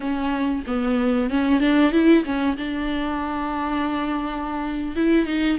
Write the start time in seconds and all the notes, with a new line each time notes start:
0.00 C#4
0.66 B3
1.30 C#4
1.60 D4
1.92 E4
2.25 C#4
2.57 D4
4.96 E4
5.25 D#4